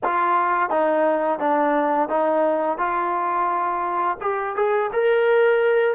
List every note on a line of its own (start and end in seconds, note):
0.03 0.70 F4
0.70 1.39 D#4
1.39 2.08 D4
2.08 2.77 D#4
2.77 4.17 F4
4.21 4.55 G4
4.55 4.90 G#4
4.92 5.94 A#4